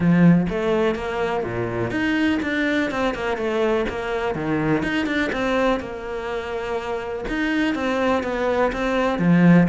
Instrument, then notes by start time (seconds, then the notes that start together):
cello
0.00 F3
0.49 A3
0.95 A#3
1.43 A#2
1.90 D#4
2.42 D4
2.91 C4
3.14 A#3
3.37 A3
3.89 A#3
4.34 D#3
4.83 D#4
5.06 D4
5.32 C4
5.80 A#3
7.28 D#4
7.74 C4
8.23 B3
8.72 C4
9.18 F3